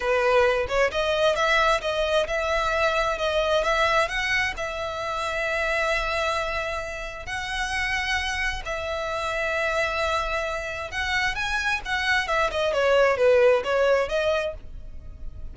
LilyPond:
\new Staff \with { instrumentName = "violin" } { \time 4/4 \tempo 4 = 132 b'4. cis''8 dis''4 e''4 | dis''4 e''2 dis''4 | e''4 fis''4 e''2~ | e''1 |
fis''2. e''4~ | e''1 | fis''4 gis''4 fis''4 e''8 dis''8 | cis''4 b'4 cis''4 dis''4 | }